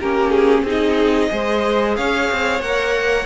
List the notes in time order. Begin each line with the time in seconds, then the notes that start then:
0.00 A#3 C#4 G4 A#4
0.30 G#4
0.62 C4 D#4 G#4
0.70 D#5
1.29 G#3 G#4 C5
1.96 C#4 C#5 F5
2.31 C4
2.60 A#3 A#4 F#5